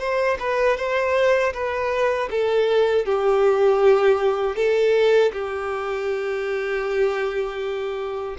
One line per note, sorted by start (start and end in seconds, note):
0.00 0.38 C5
0.40 0.78 B4
0.78 1.54 C5
1.54 2.30 B4
2.31 3.06 A4
3.06 4.56 G4
4.56 5.32 A4
5.33 8.37 G4